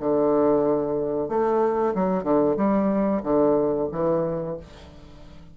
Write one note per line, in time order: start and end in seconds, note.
0.00 1.29 D3
1.29 1.94 A3
1.95 2.24 F#3
2.24 2.56 D3
2.57 3.22 G3
3.23 3.89 D3
3.92 4.57 E3